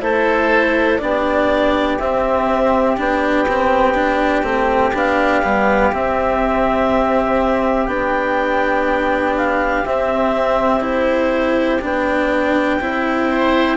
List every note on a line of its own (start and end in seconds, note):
0.00 0.99 A3
0.00 0.98 E4
0.00 1.01 A4
0.00 0.98 C5
0.98 1.99 B3
0.98 1.97 D4
0.98 13.30 G4
0.98 1.97 D5
1.98 2.98 C4
1.98 2.97 C4
1.98 2.96 E5
2.97 4.43 B3
2.97 3.46 D4
2.97 4.97 G5
3.48 3.94 C4
3.94 4.43 D4
4.43 4.92 A3
4.43 4.92 C4
4.93 5.42 B3
4.93 5.42 D4
4.93 5.94 F5
5.42 5.92 G3
5.42 5.92 B3
5.92 7.87 C4
5.92 7.86 E5
7.86 9.84 B3
7.86 9.84 D4
7.86 9.33 G5
9.37 9.85 F5
9.85 11.82 C4
9.85 10.80 C4
9.85 10.82 E5
10.80 11.78 E4
10.80 11.80 C5
11.81 12.80 B3
11.81 12.80 D4
11.81 13.77 G5
12.80 13.77 C4
12.80 13.77 E4
13.30 13.77 C5